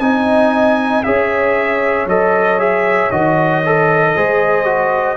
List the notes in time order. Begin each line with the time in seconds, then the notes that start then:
0.00 C4 D#4 D#5 G#5
1.03 C#4 G#4 C#5 E5
2.06 F#3 A4 D#5
2.59 G#4 E5
3.11 D#3 F#4 D#5
3.65 A4
4.16 G#3 G#4 C5
4.64 F#4